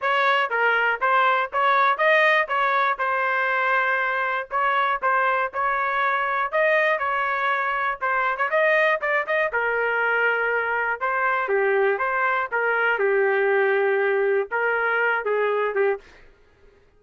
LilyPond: \new Staff \with { instrumentName = "trumpet" } { \time 4/4 \tempo 4 = 120 cis''4 ais'4 c''4 cis''4 | dis''4 cis''4 c''2~ | c''4 cis''4 c''4 cis''4~ | cis''4 dis''4 cis''2 |
c''8. cis''16 dis''4 d''8 dis''8 ais'4~ | ais'2 c''4 g'4 | c''4 ais'4 g'2~ | g'4 ais'4. gis'4 g'8 | }